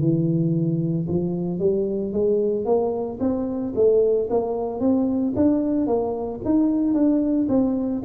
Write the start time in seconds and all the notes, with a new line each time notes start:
0.00 E3
1.09 F3
1.60 G3
2.13 G#3
2.66 A#3
3.20 C4
3.75 A3
4.31 A#3
4.80 C4
5.37 D4
5.87 A#3
6.45 D#4
6.94 D4
7.49 C4